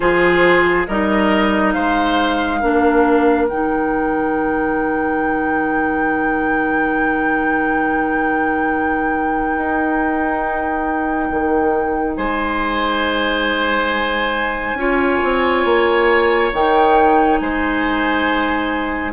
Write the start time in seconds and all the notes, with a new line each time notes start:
0.00 F3 F4 G#4 C5
0.87 G3 D#4 A#4 D#5
1.72 G#3 C5 F5
2.60 A#3 D4 A#4
3.48 D#3 D#4 G5
9.55 D#4
11.30 D#3
12.16 G#3 C5 G#5
14.74 C#4 F4 C#5
15.23 C4
15.64 A#3
16.52 D#3 D#4 G5
17.38 G#3 C5 G#5